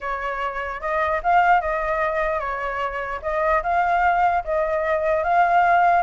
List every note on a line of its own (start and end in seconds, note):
0.00 0.80 C#5
0.80 1.20 D#5
1.23 1.60 F5
1.60 2.39 D#5
2.39 3.20 C#5
3.22 3.62 D#5
3.62 4.43 F5
4.44 5.23 D#5
5.23 6.02 F5